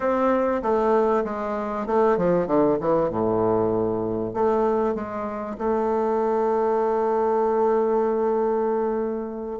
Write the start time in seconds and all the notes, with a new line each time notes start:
0.00 C4
0.62 A3
1.24 G#3
1.86 A3
2.16 F3
2.46 D3
2.80 E3
3.10 A2
4.33 A3
4.95 G#3
5.58 A3